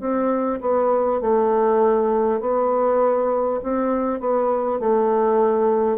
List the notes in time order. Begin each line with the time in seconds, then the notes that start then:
0.00 C4
0.61 B3
1.21 A3
2.41 B3
3.63 C4
4.21 B3
4.80 A3